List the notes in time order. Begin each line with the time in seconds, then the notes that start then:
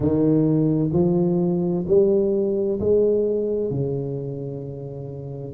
0.00 D#3
0.92 F3
1.87 G3
2.79 G#3
3.70 C#3